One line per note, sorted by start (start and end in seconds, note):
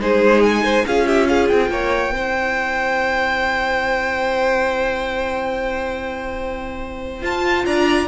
0.00 0.85 G#3
0.00 0.86 D#4
0.00 0.64 G#4
0.00 0.43 C5
0.43 0.86 G#5
0.64 0.85 C5
0.87 1.51 C#4
0.87 2.15 F4
0.87 1.07 G#4
0.87 1.07 F5
1.07 1.28 G4
1.07 1.28 E5
1.28 1.72 G#4
1.28 1.49 F5
1.49 1.70 C4
1.49 7.23 G5
1.70 2.12 A#3
1.70 2.14 C#5
2.12 7.23 C4
2.12 7.23 E4
2.12 7.66 C5
7.23 7.65 F4
7.23 8.08 F4
7.23 7.66 A5
7.66 8.08 D4
7.66 8.08 D5
7.66 8.08 A#5